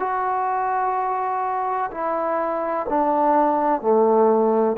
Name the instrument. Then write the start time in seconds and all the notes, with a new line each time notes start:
trombone
0.00 F#4
1.91 E4
2.89 D4
3.81 A3